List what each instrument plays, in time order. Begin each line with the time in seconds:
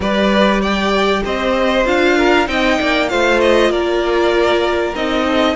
0.00 cello G3, viola G4, violin B4 D5
0.61 violin D5 G5
1.24 cello C4, violin C5 D#5
1.85 cello D4, viola F4, violin F5
2.17 violin A#4
2.45 cello C4, viola D#4, violin D#5 G5
2.80 cello A#3, violin D5
3.08 cello A3, viola F4, violin C5 F5
3.40 violin D#5
3.70 cello A#3, violin A#4 D5
4.95 cello C4, viola D#4, violin D#5
5.25 violin A4